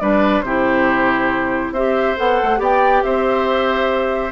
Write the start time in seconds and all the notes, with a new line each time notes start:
0.00 G3 D4 B4 D5
0.42 C3 E4 G4 C5
1.72 C4 G4 C5 E5
2.17 B3 A4 F#5
2.43 A3
2.57 B3 G4 D5
2.64 G5
3.03 C4 C5 E5